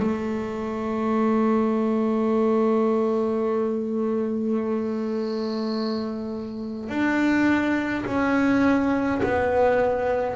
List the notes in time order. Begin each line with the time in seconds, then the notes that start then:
0.00 A3
6.89 D4
8.06 C#4
9.23 B3